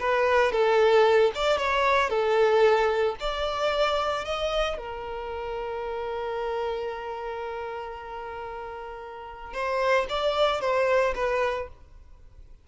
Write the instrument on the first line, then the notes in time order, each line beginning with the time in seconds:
violin
0.00 B4
0.52 A4
1.35 D5
1.57 C#5
2.09 A4
3.20 D5
4.25 D#5
4.77 A#4
9.53 C5
10.09 D5
10.61 C5
11.15 B4